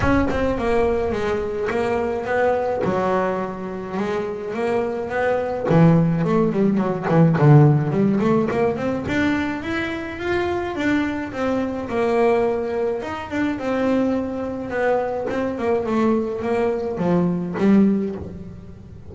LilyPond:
\new Staff \with { instrumentName = "double bass" } { \time 4/4 \tempo 4 = 106 cis'8 c'8 ais4 gis4 ais4 | b4 fis2 gis4 | ais4 b4 e4 a8 g8 | fis8 e8 d4 g8 a8 ais8 c'8 |
d'4 e'4 f'4 d'4 | c'4 ais2 dis'8 d'8 | c'2 b4 c'8 ais8 | a4 ais4 f4 g4 | }